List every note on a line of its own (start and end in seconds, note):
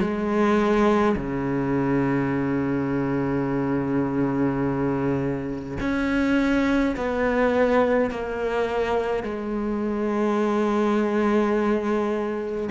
0.00 1.15 G#3
1.16 5.77 C#3
5.80 6.95 C#4
6.96 8.10 B3
8.10 9.23 A#3
9.23 12.69 G#3